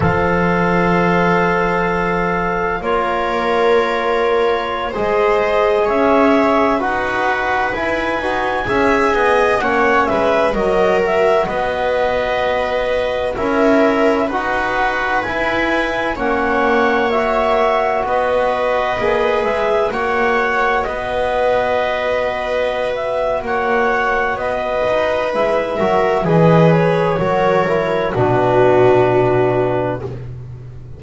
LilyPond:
<<
  \new Staff \with { instrumentName = "clarinet" } { \time 4/4 \tempo 4 = 64 f''2. cis''4~ | cis''4~ cis''16 dis''4 e''4 fis''8.~ | fis''16 gis''2 fis''8 e''8 dis''8 e''16~ | e''16 dis''2 e''4 fis''8.~ |
fis''16 gis''4 fis''4 e''4 dis''8.~ | dis''8. e''8 fis''4 dis''4.~ dis''16~ | dis''8 e''8 fis''4 dis''4 e''4 | dis''8 cis''4. b'2 | }
  \new Staff \with { instrumentName = "viola" } { \time 4/4 c''2. ais'4~ | ais'4~ ais'16 c''4 cis''4 b'8.~ | b'4~ b'16 e''8 dis''8 cis''8 b'8 ais'8.~ | ais'16 b'2 ais'4 b'8.~ |
b'4~ b'16 cis''2 b'8.~ | b'4~ b'16 cis''4 b'4.~ b'16~ | b'4 cis''4 b'4. ais'8 | b'4 ais'4 fis'2 | }
  \new Staff \with { instrumentName = "trombone" } { \time 4/4 a'2. f'4~ | f'4~ f'16 gis'2 fis'8.~ | fis'16 e'8 fis'8 gis'4 cis'4 fis'8.~ | fis'2~ fis'16 e'4 fis'8.~ |
fis'16 e'4 cis'4 fis'4.~ fis'16~ | fis'16 gis'4 fis'2~ fis'8.~ | fis'2. e'8 fis'8 | gis'4 fis'8 e'8 d'2 | }
  \new Staff \with { instrumentName = "double bass" } { \time 4/4 f2. ais4~ | ais4~ ais16 gis4 cis'4 dis'8.~ | dis'16 e'8 dis'8 cis'8 b8 ais8 gis8 fis8.~ | fis16 b2 cis'4 dis'8.~ |
dis'16 e'4 ais2 b8.~ | b16 ais8 gis8 ais4 b4.~ b16~ | b4 ais4 b8 dis'8 gis8 fis8 | e4 fis4 b,2 | }
>>